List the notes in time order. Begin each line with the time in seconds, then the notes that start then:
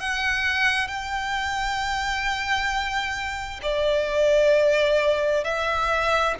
0.00 F#5
0.88 G5
3.62 D5
5.44 E5